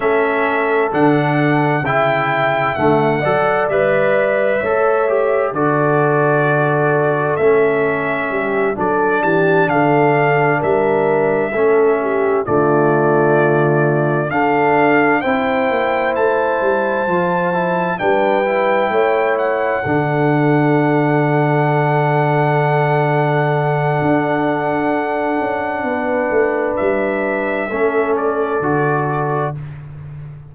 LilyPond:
<<
  \new Staff \with { instrumentName = "trumpet" } { \time 4/4 \tempo 4 = 65 e''4 fis''4 g''4 fis''4 | e''2 d''2 | e''4. d''8 a''8 f''4 e''8~ | e''4. d''2 f''8~ |
f''8 g''4 a''2 g''8~ | g''4 fis''2.~ | fis''1~ | fis''4 e''4. d''4. | }
  \new Staff \with { instrumentName = "horn" } { \time 4/4 a'2 e''4. d''8~ | d''4 cis''4 a'2~ | a'4 g'8 a'8 g'8 a'4 ais'8~ | ais'8 a'8 g'8 f'2 a'8~ |
a'8 c''2. b'8~ | b'8 cis''4 a'2~ a'8~ | a'1 | b'2 a'2 | }
  \new Staff \with { instrumentName = "trombone" } { \time 4/4 cis'4 d'4 e'4 a8 a'8 | b'4 a'8 g'8 fis'2 | cis'4. d'2~ d'8~ | d'8 cis'4 a2 d'8~ |
d'8 e'2 f'8 e'8 d'8 | e'4. d'2~ d'8~ | d'1~ | d'2 cis'4 fis'4 | }
  \new Staff \with { instrumentName = "tuba" } { \time 4/4 a4 d4 cis4 d8 fis8 | g4 a4 d2 | a4 g8 fis8 e8 d4 g8~ | g8 a4 d2 d'8~ |
d'8 c'8 ais8 a8 g8 f4 g8~ | g8 a4 d2~ d8~ | d2 d'4. cis'8 | b8 a8 g4 a4 d4 | }
>>